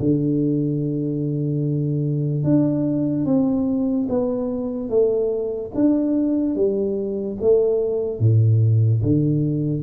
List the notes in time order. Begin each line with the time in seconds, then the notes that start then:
0.00 D3
2.44 D4
3.25 C4
4.09 B3
4.89 A3
5.75 D4
6.55 G3
7.41 A3
8.20 A2
9.02 D3